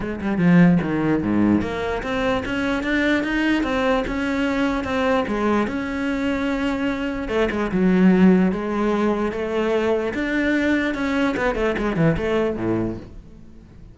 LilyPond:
\new Staff \with { instrumentName = "cello" } { \time 4/4 \tempo 4 = 148 gis8 g8 f4 dis4 gis,4 | ais4 c'4 cis'4 d'4 | dis'4 c'4 cis'2 | c'4 gis4 cis'2~ |
cis'2 a8 gis8 fis4~ | fis4 gis2 a4~ | a4 d'2 cis'4 | b8 a8 gis8 e8 a4 a,4 | }